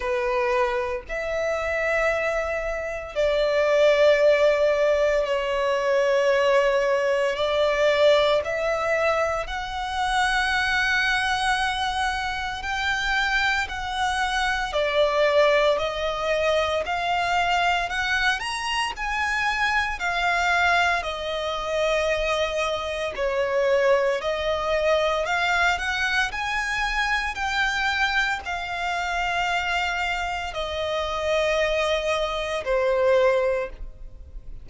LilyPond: \new Staff \with { instrumentName = "violin" } { \time 4/4 \tempo 4 = 57 b'4 e''2 d''4~ | d''4 cis''2 d''4 | e''4 fis''2. | g''4 fis''4 d''4 dis''4 |
f''4 fis''8 ais''8 gis''4 f''4 | dis''2 cis''4 dis''4 | f''8 fis''8 gis''4 g''4 f''4~ | f''4 dis''2 c''4 | }